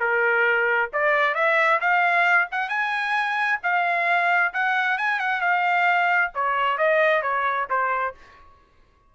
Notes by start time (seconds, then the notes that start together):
0.00 A#4
0.93 D5
1.35 E5
1.81 F5
2.52 F#5
2.69 G#5
3.63 F5
4.54 F#5
4.98 G#5
5.19 F#5
5.42 F5
6.35 C#5
6.78 D#5
7.22 C#5
7.70 C5